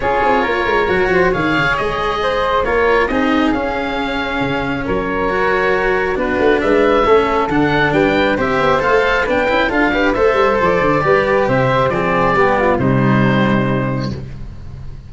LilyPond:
<<
  \new Staff \with { instrumentName = "oboe" } { \time 4/4 \tempo 4 = 136 cis''2. f''4 | dis''2 cis''4 dis''4 | f''2. cis''4~ | cis''2 b'4 e''4~ |
e''4 fis''4 g''4 e''4 | f''4 g''4 f''4 e''4 | d''2 e''4 d''4~ | d''4 c''2. | }
  \new Staff \with { instrumentName = "flute" } { \time 4/4 gis'4 ais'4. c''8 cis''4~ | cis''4 c''4 ais'4 gis'4~ | gis'2. ais'4~ | ais'2 fis'4 b'4 |
a'2 b'4 c''4~ | c''4 b'4 a'8 b'8 c''4~ | c''4 b'4 c''4 gis'4 | g'8 f'8 dis'2. | }
  \new Staff \with { instrumentName = "cello" } { \time 4/4 f'2 fis'4 gis'4~ | gis'2 f'4 dis'4 | cis'1 | fis'2 d'2 |
cis'4 d'2 g'4 | a'4 d'8 e'8 f'8 g'8 a'4~ | a'4 g'2 c'4 | b4 g2. | }
  \new Staff \with { instrumentName = "tuba" } { \time 4/4 cis'8 c'8 ais8 gis8 fis8 f8 dis8 cis8 | gis2 ais4 c'4 | cis'2 cis4 fis4~ | fis2 b8 a8 gis4 |
a4 d4 g4 c'8 b8 | a4 b8 cis'8 d'4 a8 g8 | f8 d8 g4 c4 f4 | g4 c2. | }
>>